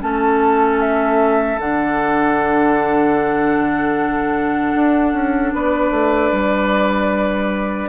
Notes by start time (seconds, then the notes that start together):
0.00 A3 C#4 A4 A5
0.80 E5
1.58 D3 D4 F#5
4.74 D4
5.13 C#4
5.53 B3 B4 D5
5.90 A3
6.31 G3